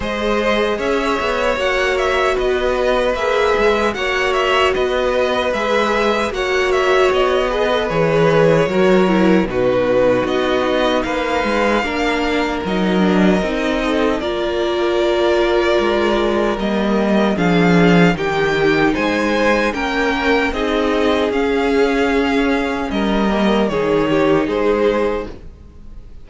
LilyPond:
<<
  \new Staff \with { instrumentName = "violin" } { \time 4/4 \tempo 4 = 76 dis''4 e''4 fis''8 e''8 dis''4 | e''4 fis''8 e''8 dis''4 e''4 | fis''8 e''8 dis''4 cis''2 | b'4 dis''4 f''2 |
dis''2 d''2~ | d''4 dis''4 f''4 g''4 | gis''4 g''4 dis''4 f''4~ | f''4 dis''4 cis''4 c''4 | }
  \new Staff \with { instrumentName = "violin" } { \time 4/4 c''4 cis''2 b'4~ | b'4 cis''4 b'2 | cis''4. b'4. ais'4 | fis'2 b'4 ais'4~ |
ais'4. a'8 ais'2~ | ais'2 gis'4 g'4 | c''4 ais'4 gis'2~ | gis'4 ais'4 gis'8 g'8 gis'4 | }
  \new Staff \with { instrumentName = "viola" } { \time 4/4 gis'2 fis'2 | gis'4 fis'2 gis'4 | fis'4. gis'16 a'16 gis'4 fis'8 e'8 | dis'2. d'4 |
dis'8 d'8 dis'4 f'2~ | f'4 ais4 d'4 dis'4~ | dis'4 cis'4 dis'4 cis'4~ | cis'4. ais8 dis'2 | }
  \new Staff \with { instrumentName = "cello" } { \time 4/4 gis4 cis'8 b8 ais4 b4 | ais8 gis8 ais4 b4 gis4 | ais4 b4 e4 fis4 | b,4 b4 ais8 gis8 ais4 |
fis4 c'4 ais2 | gis4 g4 f4 dis4 | gis4 ais4 c'4 cis'4~ | cis'4 g4 dis4 gis4 | }
>>